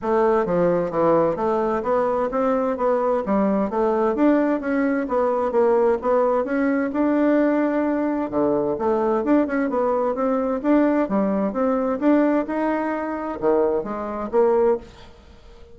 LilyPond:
\new Staff \with { instrumentName = "bassoon" } { \time 4/4 \tempo 4 = 130 a4 f4 e4 a4 | b4 c'4 b4 g4 | a4 d'4 cis'4 b4 | ais4 b4 cis'4 d'4~ |
d'2 d4 a4 | d'8 cis'8 b4 c'4 d'4 | g4 c'4 d'4 dis'4~ | dis'4 dis4 gis4 ais4 | }